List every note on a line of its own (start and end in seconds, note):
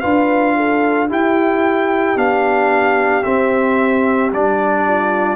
0.00 1.11 D4
0.00 1.09 F4
0.00 0.55 B4
0.00 1.07 F5
0.56 1.08 A4
1.08 2.16 E4
1.08 4.83 G4
1.08 2.18 G5
2.16 3.23 B3
2.16 3.23 D4
2.16 3.23 F5
3.23 4.32 C4
3.23 4.30 E5
4.32 5.36 G3
4.32 5.36 D4
4.32 5.36 D5
4.87 5.36 F4